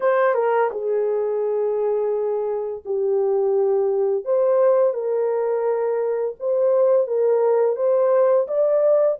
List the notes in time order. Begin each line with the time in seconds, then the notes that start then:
0.00 C5
0.34 A#4
0.71 G#4
2.85 G4
4.24 C5
4.93 A#4
6.39 C5
7.07 A#4
7.76 C5
8.47 D5